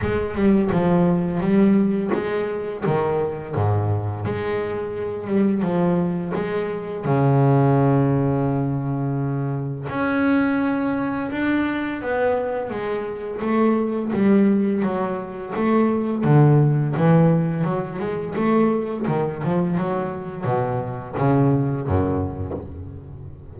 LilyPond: \new Staff \with { instrumentName = "double bass" } { \time 4/4 \tempo 4 = 85 gis8 g8 f4 g4 gis4 | dis4 gis,4 gis4. g8 | f4 gis4 cis2~ | cis2 cis'2 |
d'4 b4 gis4 a4 | g4 fis4 a4 d4 | e4 fis8 gis8 a4 dis8 f8 | fis4 b,4 cis4 fis,4 | }